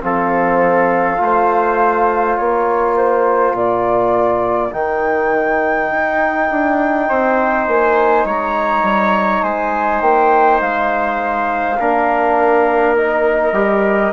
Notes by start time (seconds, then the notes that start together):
0.00 F3 C4 A4 F5
1.17 A3 F4
1.23 C5
2.36 A#3 A#4 C#5
2.96 C5
3.53 A#2 D5
4.71 D#3 D#4 G5
5.90 D#4
6.50 D4
7.09 C4 C5
7.67 A#3 G#5
8.25 G#3 C#5 A#5
8.82 G3
9.42 G#3 C5 G#5
10.01 A#3 G5
10.61 G#3 F5
11.79 A#3 D4 A#4
12.97 D#4 D#5
13.52 G3 G4